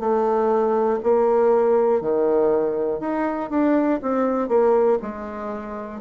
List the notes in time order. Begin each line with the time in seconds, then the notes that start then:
0.00 A3
1.03 A#3
2.01 D#3
3.00 D#4
3.50 D4
4.02 C4
4.49 A#3
5.02 G#3